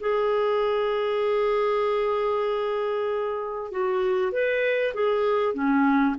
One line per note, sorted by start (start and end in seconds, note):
0.00 3.71 G#4
3.71 4.32 F#4
4.32 4.94 B4
4.94 5.54 G#4
5.54 6.16 C#4